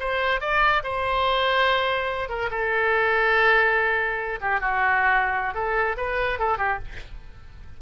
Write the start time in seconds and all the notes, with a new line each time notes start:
0.00 C5
0.41 D5
0.83 C5
2.29 A#4
2.50 A4
4.41 G4
4.60 F#4
5.54 A4
5.97 B4
6.39 A4
6.58 G4